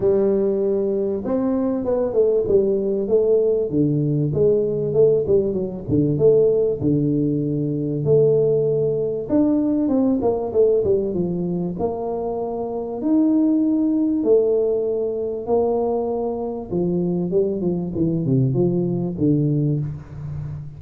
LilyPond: \new Staff \with { instrumentName = "tuba" } { \time 4/4 \tempo 4 = 97 g2 c'4 b8 a8 | g4 a4 d4 gis4 | a8 g8 fis8 d8 a4 d4~ | d4 a2 d'4 |
c'8 ais8 a8 g8 f4 ais4~ | ais4 dis'2 a4~ | a4 ais2 f4 | g8 f8 e8 c8 f4 d4 | }